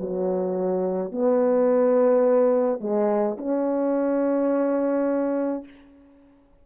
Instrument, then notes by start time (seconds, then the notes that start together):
horn
0.00 F#3
1.12 B3
2.80 G#3
3.38 C#4